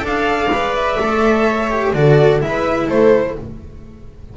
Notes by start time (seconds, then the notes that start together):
0.00 D4 A4 D5
0.07 F5
0.50 G#3 B4
0.76 E5
1.00 A3 A4
1.46 C#5
1.71 G4
1.94 D3 F#4 A4 D5
2.40 G#3 E4 B4 E5
2.87 A3 A4 C5